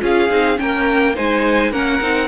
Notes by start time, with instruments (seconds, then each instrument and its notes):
0.00 cello C#4, viola F4, violin G#4 F5
0.30 cello C4, viola D#4
0.56 cello A#3, viola C#4, violin A#4 G5
1.15 cello G#3, viola D#4, violin C5 G#5
1.71 cello A#3, viola C#4, violin A#4 F#5
2.01 cello C4, viola D#4